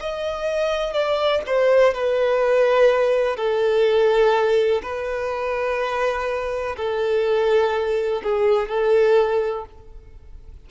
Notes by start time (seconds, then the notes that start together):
0.00 D#5
0.93 D5
1.46 C5
1.94 B4
3.36 A4
4.82 B4
6.77 A4
8.23 G#4
8.68 A4